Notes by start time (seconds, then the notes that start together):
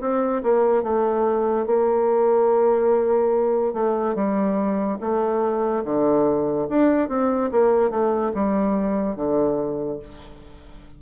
0.00 C4
0.43 A#3
0.83 A3
1.66 A#3
3.73 A3
4.14 G3
5.00 A3
5.84 D3
6.68 D4
7.08 C4
7.51 A#3
7.90 A3
8.34 G3
9.16 D3